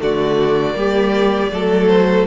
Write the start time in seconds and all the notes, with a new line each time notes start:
0.00 D3 A3 F#4 D5
0.74 G3 A#3 G4
1.52 F#3 A3 A4
1.88 C5